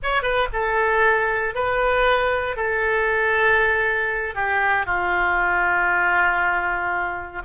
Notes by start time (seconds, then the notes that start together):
0.03 C#5
0.22 B4
0.52 A4
1.55 B4
2.56 A4
4.34 G4
4.86 F4